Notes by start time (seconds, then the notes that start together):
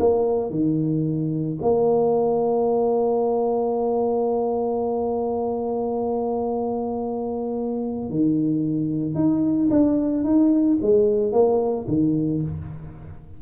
0.00 A#3
0.51 D#3
1.62 A#3
8.10 D#3
9.15 D#4
9.71 D4
10.24 D#4
10.82 G#3
11.32 A#3
11.88 D#3